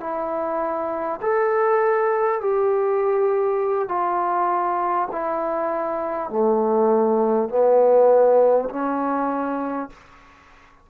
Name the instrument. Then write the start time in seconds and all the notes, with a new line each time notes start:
trombone
0.00 E4
1.21 A4
2.40 G4
3.88 F4
5.11 E4
6.29 A3
7.48 B3
8.69 C#4